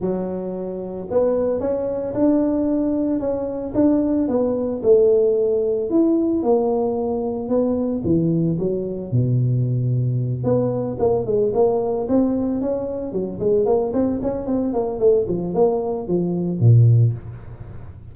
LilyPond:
\new Staff \with { instrumentName = "tuba" } { \time 4/4 \tempo 4 = 112 fis2 b4 cis'4 | d'2 cis'4 d'4 | b4 a2 e'4 | ais2 b4 e4 |
fis4 b,2~ b,8 b8~ | b8 ais8 gis8 ais4 c'4 cis'8~ | cis'8 fis8 gis8 ais8 c'8 cis'8 c'8 ais8 | a8 f8 ais4 f4 ais,4 | }